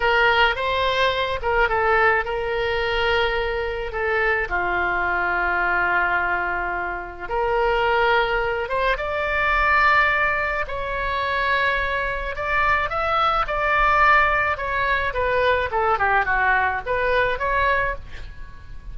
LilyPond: \new Staff \with { instrumentName = "oboe" } { \time 4/4 \tempo 4 = 107 ais'4 c''4. ais'8 a'4 | ais'2. a'4 | f'1~ | f'4 ais'2~ ais'8 c''8 |
d''2. cis''4~ | cis''2 d''4 e''4 | d''2 cis''4 b'4 | a'8 g'8 fis'4 b'4 cis''4 | }